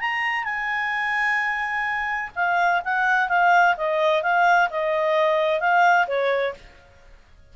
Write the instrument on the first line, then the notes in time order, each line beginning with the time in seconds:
clarinet
0.00 A#5
0.44 G#5
2.35 F5
2.84 F#5
3.29 F5
3.77 D#5
4.22 F5
4.70 D#5
5.60 F5
6.07 C#5